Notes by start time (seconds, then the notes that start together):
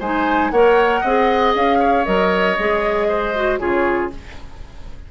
0.00 G#3 D#4 C5 G#5
0.51 A#3 A#4 C#5 F#5
1.01 C4 G#4 D#5
1.55 C#4 F5
1.79 C#5
2.05 F#3 A#4 D#5
2.59 G#3 G#4
3.08 C5
3.35 F#4
3.59 C#3 F4 G#4 C#5